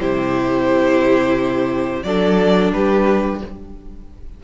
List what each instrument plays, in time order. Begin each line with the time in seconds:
0.00 cello C3, viola E4, violin G4 C5
2.03 cello F#3, viola D4, violin A4 D5
2.73 cello G3, violin G4 B4